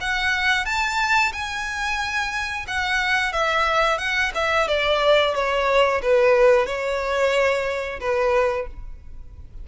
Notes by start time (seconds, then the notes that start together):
0.00 F#5
0.65 A5
1.32 G#5
2.67 F#5
3.32 E5
3.98 F#5
4.34 E5
4.68 D5
5.34 C#5
6.02 B4
6.66 C#5
8.00 B4